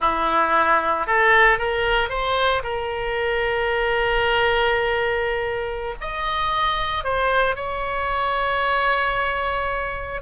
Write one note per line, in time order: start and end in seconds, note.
0.00 1.06 E4
1.06 1.58 A4
1.58 2.09 A#4
2.09 2.62 C5
2.63 5.94 A#4
6.00 7.04 D#5
7.04 7.55 C5
7.55 10.21 C#5